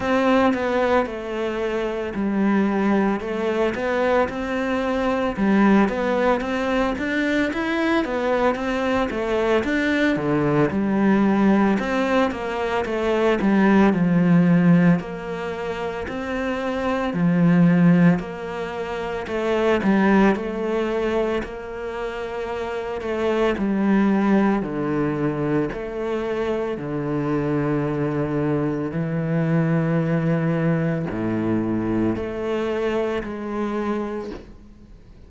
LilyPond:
\new Staff \with { instrumentName = "cello" } { \time 4/4 \tempo 4 = 56 c'8 b8 a4 g4 a8 b8 | c'4 g8 b8 c'8 d'8 e'8 b8 | c'8 a8 d'8 d8 g4 c'8 ais8 | a8 g8 f4 ais4 c'4 |
f4 ais4 a8 g8 a4 | ais4. a8 g4 d4 | a4 d2 e4~ | e4 a,4 a4 gis4 | }